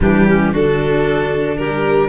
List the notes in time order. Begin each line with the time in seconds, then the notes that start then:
0.00 E3 G3 D4 G4
0.28 C#4
0.51 D3 D4 F#4 A4
1.57 G3 G4 A#4